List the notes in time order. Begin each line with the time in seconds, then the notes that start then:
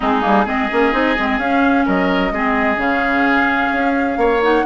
0.00 G#3 C4 D#4 G#4
0.21 G3 A#3
0.45 G#3 C4 G#4 D#5
0.71 A#3 C#4
0.92 C4 D#4
1.18 G#3 C4
1.37 C#4 F5
1.85 F#3 A#4 D#5
2.31 G#3 C4 G#4
2.76 C#3 C#4 F5
3.72 C#4
4.17 A#3 C#5
4.42 D#4 F#5